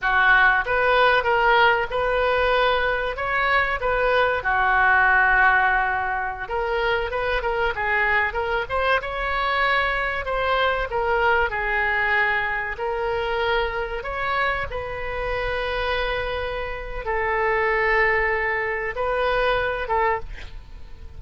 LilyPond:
\new Staff \with { instrumentName = "oboe" } { \time 4/4 \tempo 4 = 95 fis'4 b'4 ais'4 b'4~ | b'4 cis''4 b'4 fis'4~ | fis'2~ fis'16 ais'4 b'8 ais'16~ | ais'16 gis'4 ais'8 c''8 cis''4.~ cis''16~ |
cis''16 c''4 ais'4 gis'4.~ gis'16~ | gis'16 ais'2 cis''4 b'8.~ | b'2. a'4~ | a'2 b'4. a'8 | }